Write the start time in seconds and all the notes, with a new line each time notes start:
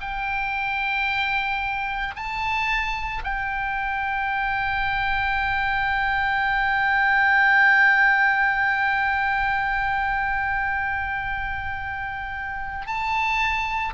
0.00 G5
2.15 A5
3.23 G5
12.86 A5